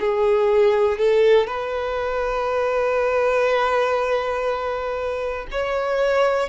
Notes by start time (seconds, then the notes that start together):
0.00 G#4
0.98 A4
1.47 B4
5.51 C#5